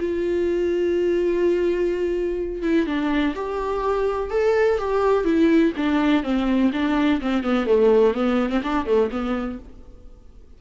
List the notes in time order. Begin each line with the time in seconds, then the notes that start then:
0.00 F4
2.63 E4
2.87 D4
3.36 G4
4.31 A4
4.79 G4
5.25 E4
5.77 D4
6.24 C4
6.73 D4
7.22 C4
7.44 B3
7.67 A3
8.14 B3
8.50 C4
8.64 D4
8.86 A3
9.11 B3